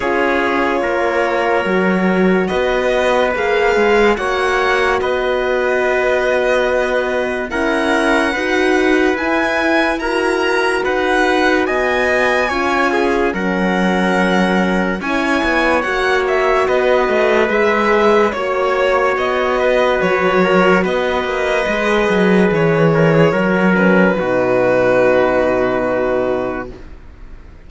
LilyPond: <<
  \new Staff \with { instrumentName = "violin" } { \time 4/4 \tempo 4 = 72 cis''2. dis''4 | f''4 fis''4 dis''2~ | dis''4 fis''2 gis''4 | ais''4 fis''4 gis''2 |
fis''2 gis''4 fis''8 e''8 | dis''4 e''4 cis''4 dis''4 | cis''4 dis''2 cis''4~ | cis''8 b'2.~ b'8 | }
  \new Staff \with { instrumentName = "trumpet" } { \time 4/4 gis'4 ais'2 b'4~ | b'4 cis''4 b'2~ | b'4 ais'4 b'2 | ais'4 b'4 dis''4 cis''8 gis'8 |
ais'2 cis''2 | b'2 cis''4. b'8~ | b'8 ais'8 b'2~ b'8 ais'16 gis'16 | ais'4 fis'2. | }
  \new Staff \with { instrumentName = "horn" } { \time 4/4 f'2 fis'2 | gis'4 fis'2.~ | fis'4 e'4 fis'4 e'4 | fis'2. f'4 |
cis'2 e'4 fis'4~ | fis'4 gis'4 fis'2~ | fis'2 gis'2 | fis'8 cis'8 dis'2. | }
  \new Staff \with { instrumentName = "cello" } { \time 4/4 cis'4 ais4 fis4 b4 | ais8 gis8 ais4 b2~ | b4 cis'4 dis'4 e'4~ | e'4 dis'4 b4 cis'4 |
fis2 cis'8 b8 ais4 | b8 a8 gis4 ais4 b4 | fis4 b8 ais8 gis8 fis8 e4 | fis4 b,2. | }
>>